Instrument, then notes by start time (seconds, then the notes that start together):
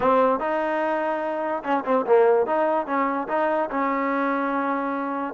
trombone
0.00 C4
0.39 D#4
1.63 C#4
1.85 C4
2.06 A#3
2.46 D#4
2.86 C#4
3.28 D#4
3.70 C#4